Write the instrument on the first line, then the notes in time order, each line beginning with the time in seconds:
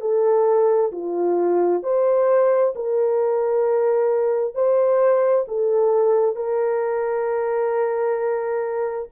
horn
0.00 A4
0.91 F4
1.83 C5
2.75 A#4
4.54 C5
5.48 A4
6.36 A#4